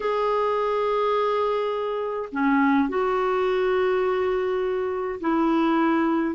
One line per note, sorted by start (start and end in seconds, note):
0.00 2.29 G#4
2.32 2.88 C#4
2.88 5.19 F#4
5.20 6.35 E4